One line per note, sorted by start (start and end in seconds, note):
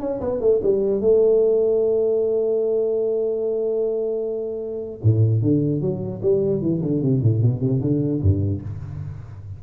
0.00 0.20 C#4
0.20 0.40 B3
0.41 0.61 A3
0.63 1.00 G3
1.00 5.00 A3
5.03 5.42 A2
5.42 5.81 D3
5.81 6.21 F#3
6.22 6.61 G3
6.61 6.81 E3
6.82 7.02 D3
7.02 7.22 C3
7.22 7.42 A2
7.42 7.60 B2
7.60 7.80 C3
7.81 8.21 D3
8.22 8.62 G2